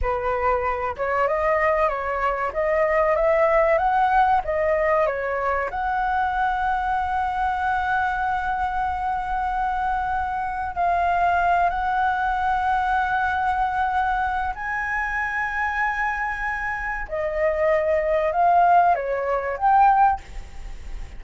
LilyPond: \new Staff \with { instrumentName = "flute" } { \time 4/4 \tempo 4 = 95 b'4. cis''8 dis''4 cis''4 | dis''4 e''4 fis''4 dis''4 | cis''4 fis''2.~ | fis''1~ |
fis''4 f''4. fis''4.~ | fis''2. gis''4~ | gis''2. dis''4~ | dis''4 f''4 cis''4 g''4 | }